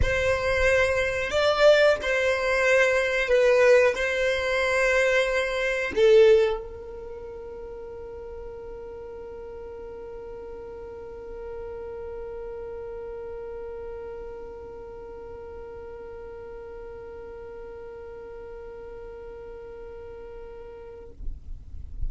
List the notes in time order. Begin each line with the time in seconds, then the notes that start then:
0.02 C5
1.30 D5
2.02 C5
3.28 B4
3.94 C5
5.95 A4
6.60 A#4